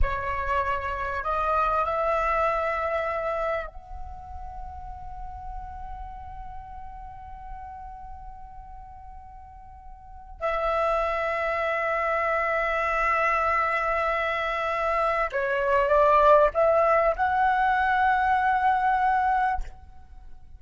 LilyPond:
\new Staff \with { instrumentName = "flute" } { \time 4/4 \tempo 4 = 98 cis''2 dis''4 e''4~ | e''2 fis''2~ | fis''1~ | fis''1~ |
fis''4 e''2.~ | e''1~ | e''4 cis''4 d''4 e''4 | fis''1 | }